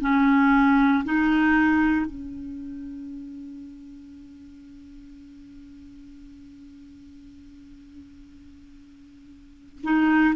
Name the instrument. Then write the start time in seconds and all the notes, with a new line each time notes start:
clarinet
0.00 C#4
1.04 D#4
2.05 C#4
9.83 D#4